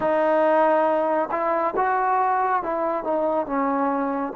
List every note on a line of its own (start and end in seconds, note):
0.00 1.29 D#4
1.30 1.74 E4
1.76 2.62 F#4
2.62 3.04 E4
3.04 3.46 D#4
3.46 4.33 C#4